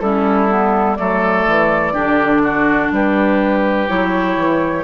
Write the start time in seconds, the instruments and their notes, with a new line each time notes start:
0.00 bassoon G3, clarinet C#4, oboe E4, flute A4
0.48 clarinet B3
0.96 bassoon F#3, clarinet A3, oboe A4, flute D5
1.47 bassoon E3
1.93 bassoon D3, clarinet D4, oboe G4
2.43 oboe F#4
2.91 bassoon G3, oboe G4, flute B4
3.88 bassoon F#3, clarinet E4, flute C#5
4.36 bassoon E3